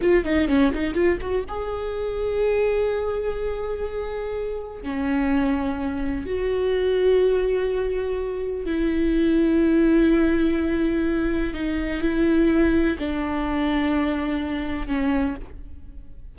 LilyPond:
\new Staff \with { instrumentName = "viola" } { \time 4/4 \tempo 4 = 125 f'8 dis'8 cis'8 dis'8 f'8 fis'8 gis'4~ | gis'1~ | gis'2 cis'2~ | cis'4 fis'2.~ |
fis'2 e'2~ | e'1 | dis'4 e'2 d'4~ | d'2. cis'4 | }